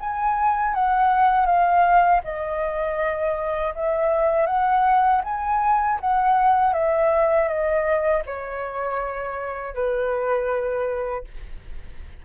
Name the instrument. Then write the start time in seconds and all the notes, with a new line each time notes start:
flute
0.00 G#5
0.74 F#5
1.46 F5
2.24 D#5
3.75 E5
4.47 F#5
5.24 G#5
6.00 F#5
6.73 E5
7.48 D#5
8.26 C#5
9.74 B4